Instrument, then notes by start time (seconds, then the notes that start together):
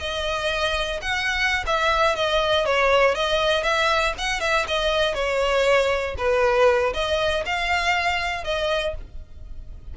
violin
0.00 D#5
1.02 F#5
1.67 E5
2.16 D#5
2.66 C#5
3.15 D#5
3.64 E5
4.18 F#5
4.41 E5
4.68 D#5
5.15 C#5
6.18 B4
6.94 D#5
7.46 F5
8.44 D#5